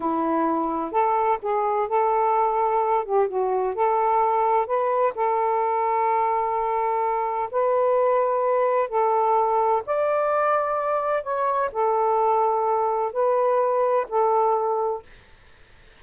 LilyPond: \new Staff \with { instrumentName = "saxophone" } { \time 4/4 \tempo 4 = 128 e'2 a'4 gis'4 | a'2~ a'8 g'8 fis'4 | a'2 b'4 a'4~ | a'1 |
b'2. a'4~ | a'4 d''2. | cis''4 a'2. | b'2 a'2 | }